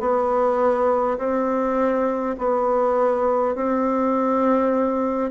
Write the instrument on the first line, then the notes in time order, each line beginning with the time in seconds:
bassoon
0.00 B3
1.18 C4
2.39 B3
3.55 C4